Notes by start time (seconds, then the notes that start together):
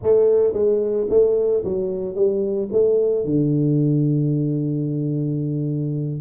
0.02 A3
0.53 G#3
1.09 A3
1.64 F#3
2.15 G3
2.71 A3
3.24 D3